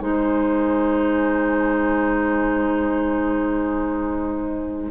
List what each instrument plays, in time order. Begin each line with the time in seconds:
0.00 bassoon G#3, clarinet D#4, oboe C5, flute G#5